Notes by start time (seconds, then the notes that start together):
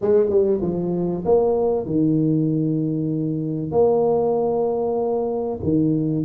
0.01 G#3
0.29 G3
0.61 F3
1.25 A#3
1.86 D#3
3.71 A#3
5.63 D#3